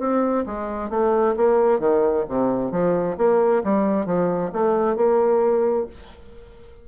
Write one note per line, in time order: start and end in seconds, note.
0.00 0.45 C4
0.46 0.90 G#3
0.90 1.35 A3
1.37 1.80 A#3
1.80 2.25 D#3
2.29 2.72 C3
2.72 3.17 F3
3.18 3.63 A#3
3.64 4.06 G3
4.06 4.51 F3
4.53 4.97 A3
4.97 5.87 A#3